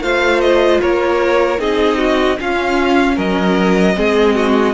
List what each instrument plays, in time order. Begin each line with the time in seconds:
0.00 cello A3, viola F4, violin C5 F5
0.40 violin D#5
0.81 cello A#3, violin A#4 C#5
1.58 cello C4, viola D#4, violin G#4 D#5
1.97 violin F#4
2.37 viola C#4, cello C#4, violin F4 F5
3.15 cello F#3, violin A#4 D#5
3.94 cello G#3, viola C4, violin G#4
4.35 violin F#4